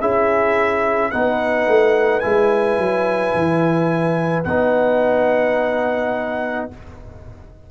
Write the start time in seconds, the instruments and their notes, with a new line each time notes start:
0.00 tuba C#4, trombone E4, horn G#4, trumpet E5
1.11 tuba B3, trombone D#4, horn B4, trumpet F#5
1.67 tuba A3
2.20 tuba G#3, trombone E4, trumpet G#5
2.77 tuba F#3
3.34 tuba E3
4.44 tuba B3, trombone D#4, trumpet F#5